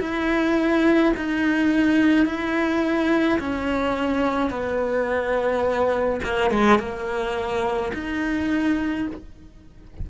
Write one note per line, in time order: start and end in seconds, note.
0.00 1.13 E4
1.17 2.26 D#4
2.26 3.39 E4
3.40 4.50 C#4
4.50 6.20 B3
6.24 6.51 A#3
6.51 6.79 G#3
6.79 7.92 A#3
7.94 9.07 D#4